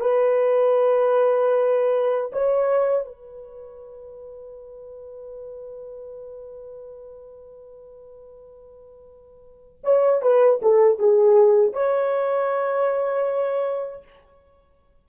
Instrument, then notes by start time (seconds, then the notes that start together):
horn
0.00 B4
2.32 C#5
3.05 B4
9.83 C#5
10.22 B4
10.62 A4
10.98 G#4
11.72 C#5